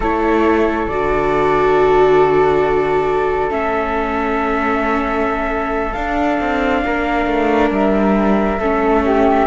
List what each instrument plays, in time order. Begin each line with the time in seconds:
0.00 cello A3, viola E4, flute A4 C#5
0.87 cello D3, viola F#4, flute D5
3.50 cello A3, viola C#4, flute E5
5.92 cello D4, viola D4, flute F5
6.40 cello C4
6.85 cello A#3, flute A#4
7.26 cello A3
7.70 cello G3, flute E5
8.59 cello A3, viola C#4, flute A4
9.05 flute G4